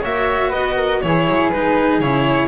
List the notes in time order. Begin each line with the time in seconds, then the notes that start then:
0.00 A#3 F#4 C#5 E5
0.49 B3 B4 D#5
0.76 A#4
1.01 E3 E4 G#4 C#5
1.27 F#3
1.49 G#3 D#4 B4
1.99 C#3 E4 C#5